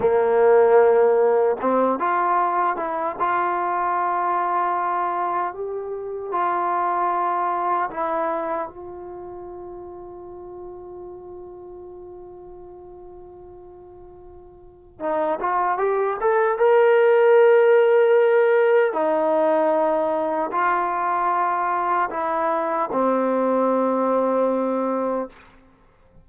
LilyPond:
\new Staff \with { instrumentName = "trombone" } { \time 4/4 \tempo 4 = 76 ais2 c'8 f'4 e'8 | f'2. g'4 | f'2 e'4 f'4~ | f'1~ |
f'2. dis'8 f'8 | g'8 a'8 ais'2. | dis'2 f'2 | e'4 c'2. | }